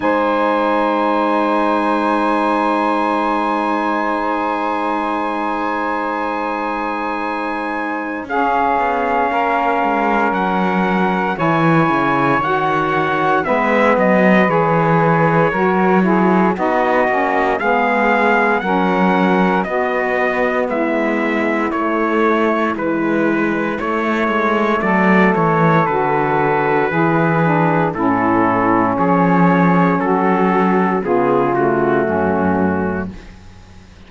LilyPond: <<
  \new Staff \with { instrumentName = "trumpet" } { \time 4/4 \tempo 4 = 58 gis''1~ | gis''1 | f''2 fis''4 gis''4 | fis''4 e''8 dis''8 cis''2 |
dis''4 f''4 fis''4 dis''4 | e''4 cis''4 b'4 cis''4 | d''8 cis''8 b'2 a'4 | cis''4 a'4 gis'8 fis'4. | }
  \new Staff \with { instrumentName = "saxophone" } { \time 4/4 c''1~ | c''1 | gis'4 ais'2 cis''4~ | cis''4 b'2 ais'8 gis'8 |
fis'4 gis'4 ais'4 fis'4 | e'1 | a'2 gis'4 e'4 | gis'4 fis'4 f'4 cis'4 | }
  \new Staff \with { instrumentName = "saxophone" } { \time 4/4 dis'1~ | dis'1 | cis'2. e'4 | fis'4 b4 gis'4 fis'8 e'8 |
dis'8 cis'8 b4 cis'4 b4~ | b4 a4 e4 a4~ | a4 fis'4 e'8 d'8 cis'4~ | cis'2 b8 a4. | }
  \new Staff \with { instrumentName = "cello" } { \time 4/4 gis1~ | gis1 | cis'8 b8 ais8 gis8 fis4 e8 cis8 | dis4 gis8 fis8 e4 fis4 |
b8 ais8 gis4 fis4 b4 | gis4 a4 gis4 a8 gis8 | fis8 e8 d4 e4 a,4 | f4 fis4 cis4 fis,4 | }
>>